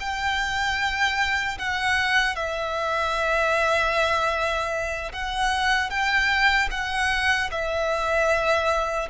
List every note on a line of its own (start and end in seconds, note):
0.00 1.58 G5
1.58 2.35 F#5
2.35 5.12 E5
5.12 5.90 F#5
5.90 6.69 G5
6.71 7.50 F#5
7.51 9.09 E5